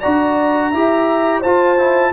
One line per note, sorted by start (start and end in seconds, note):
0.00 0.73 D4
0.00 0.73 F#4
0.00 0.71 D5
0.00 1.41 A#5
0.71 1.44 E4
0.71 1.44 G4
0.71 1.40 E5
1.40 2.13 F4
1.40 1.78 F4
1.40 2.10 C5
1.40 2.13 A5
1.78 2.13 E4